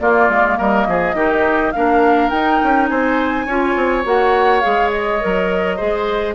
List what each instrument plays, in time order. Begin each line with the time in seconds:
0.00 clarinet A#3, bassoon A#3, oboe F4, flute D5
0.29 bassoon G#3
0.58 bassoon G3, oboe A#4, flute D#5
0.88 bassoon F3, oboe G#4
1.15 bassoon D#3, clarinet D#4, oboe G4
1.72 bassoon A#3, clarinet D4, oboe A#4, flute F5
2.30 bassoon D#4, clarinet D#4, flute G5
2.64 bassoon C#4
2.89 bassoon C4, oboe C5, flute G#5
3.46 bassoon C#4, clarinet F4, oboe C#5
3.76 bassoon C4
4.04 bassoon A#3, clarinet F#4, flute F#5
4.61 bassoon G#3, clarinet G#4, flute F5
4.91 flute D#5
5.21 bassoon F#3, clarinet A#4
5.77 bassoon G#3, clarinet G#4, oboe C5